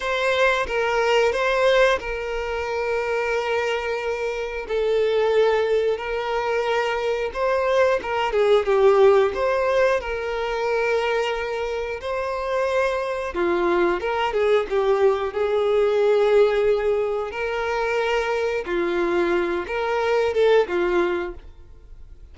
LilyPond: \new Staff \with { instrumentName = "violin" } { \time 4/4 \tempo 4 = 90 c''4 ais'4 c''4 ais'4~ | ais'2. a'4~ | a'4 ais'2 c''4 | ais'8 gis'8 g'4 c''4 ais'4~ |
ais'2 c''2 | f'4 ais'8 gis'8 g'4 gis'4~ | gis'2 ais'2 | f'4. ais'4 a'8 f'4 | }